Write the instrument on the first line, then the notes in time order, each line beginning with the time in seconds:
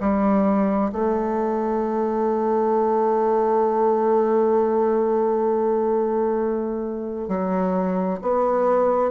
bassoon
0.00 G3
0.92 A3
7.28 F#3
8.21 B3